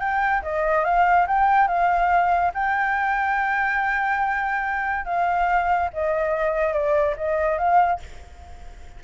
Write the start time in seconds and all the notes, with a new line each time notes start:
0.00 G5
0.43 D#5
0.85 F5
1.28 G5
1.68 F5
2.54 G5
5.06 F5
5.93 D#5
6.73 D5
7.17 D#5
7.58 F5